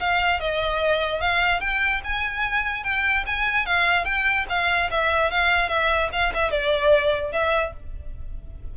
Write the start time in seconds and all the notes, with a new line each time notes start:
0.00 F5
0.40 D#5
1.21 F5
1.60 G5
2.04 G#5
2.83 G5
3.27 G#5
3.66 F5
4.05 G5
4.49 F5
4.91 E5
5.31 F5
5.69 E5
6.12 F5
6.34 E5
6.51 D5
7.32 E5